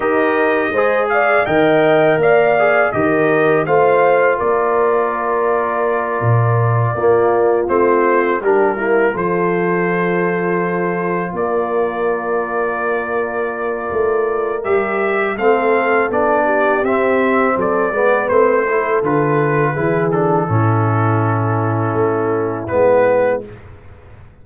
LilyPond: <<
  \new Staff \with { instrumentName = "trumpet" } { \time 4/4 \tempo 4 = 82 dis''4. f''8 g''4 f''4 | dis''4 f''4 d''2~ | d''2~ d''8 c''4 ais'8~ | ais'8 c''2. d''8~ |
d''1 | e''4 f''4 d''4 e''4 | d''4 c''4 b'4. a'8~ | a'2. b'4 | }
  \new Staff \with { instrumentName = "horn" } { \time 4/4 ais'4 c''8 d''8 dis''4 d''4 | ais'4 c''4 ais'2~ | ais'4. f'2 g'8 | e'8 a'2. ais'8~ |
ais'1~ | ais'4 a'4. g'4. | a'8 b'4 a'4. gis'4 | e'1 | }
  \new Staff \with { instrumentName = "trombone" } { \time 4/4 g'4 gis'4 ais'4. gis'8 | g'4 f'2.~ | f'4. ais4 c'4 d'8 | ais8 f'2.~ f'8~ |
f'1 | g'4 c'4 d'4 c'4~ | c'8 b8 c'8 e'8 f'4 e'8 d'8 | cis'2. b4 | }
  \new Staff \with { instrumentName = "tuba" } { \time 4/4 dis'4 gis4 dis4 ais4 | dis4 a4 ais2~ | ais8 ais,4 ais4 a4 g8~ | g8 f2. ais8~ |
ais2. a4 | g4 a4 b4 c'4 | fis8 gis8 a4 d4 e4 | a,2 a4 gis4 | }
>>